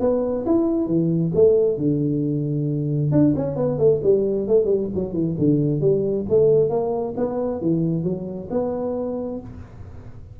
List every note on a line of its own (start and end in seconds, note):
0.00 0.45 B3
0.46 0.87 E4
0.87 1.32 E3
1.35 1.77 A3
1.77 3.12 D3
3.12 3.34 D4
3.36 3.56 C#4
3.56 3.78 B3
3.78 4.01 A3
4.03 4.48 G3
4.48 4.65 A3
4.65 4.88 G3
4.95 5.13 F#3
5.13 5.36 E3
5.39 5.81 D3
5.81 6.26 G3
6.29 6.70 A3
6.70 7.14 A#3
7.17 7.61 B3
7.61 8.04 E3
8.04 8.49 F#3
8.51 9.40 B3